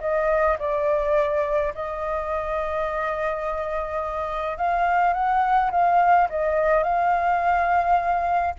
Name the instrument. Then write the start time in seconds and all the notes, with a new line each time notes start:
flute
0.00 D#5
0.59 D5
1.75 D#5
4.57 F5
5.14 F#5
5.71 F5
6.29 D#5
6.83 F5